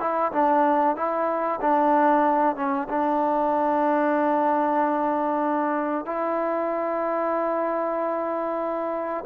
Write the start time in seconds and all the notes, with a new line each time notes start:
0.00 E4
0.32 D4
0.96 E4
1.61 D4
2.56 C#4
2.89 D4
6.05 E4